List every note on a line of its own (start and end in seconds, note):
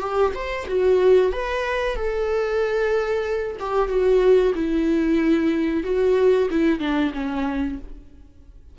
0.00 0.32 G4
0.35 0.67 C5
0.68 1.32 F#4
1.32 1.96 B4
1.96 3.57 A4
3.60 3.88 G4
3.88 4.52 F#4
4.55 5.84 E4
5.84 6.48 F#4
6.50 6.80 E4
6.80 7.12 D4
7.14 7.78 C#4